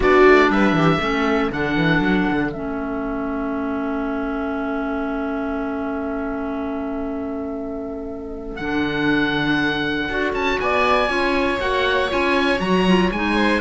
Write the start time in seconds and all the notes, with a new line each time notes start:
0.00 B3 D4 F#4 D5
0.27 A3
0.49 G3 B4 E5
0.72 E3 G4
1.00 A3 C#4 A4
1.51 D3 D4 F#5
1.75 E3
2.00 F#3
2.31 D3
2.52 A3 C#4 E5
8.55 D3 D4 F#5
10.09 D4 F#4
10.33 C#4 A5
10.60 B3 D5 G#5
11.07 C#4 F4 C#5
11.59 A#3 F#4 F#5
12.08 C#4 F4 G#5
12.58 F#3 F#4 A#5
12.87 F4
13.11 G#3 D#4 G#5
13.36 C5